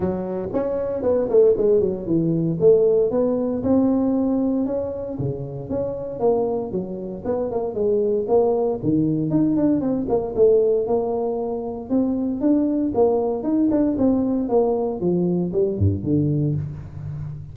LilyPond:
\new Staff \with { instrumentName = "tuba" } { \time 4/4 \tempo 4 = 116 fis4 cis'4 b8 a8 gis8 fis8 | e4 a4 b4 c'4~ | c'4 cis'4 cis4 cis'4 | ais4 fis4 b8 ais8 gis4 |
ais4 dis4 dis'8 d'8 c'8 ais8 | a4 ais2 c'4 | d'4 ais4 dis'8 d'8 c'4 | ais4 f4 g8 g,8 d4 | }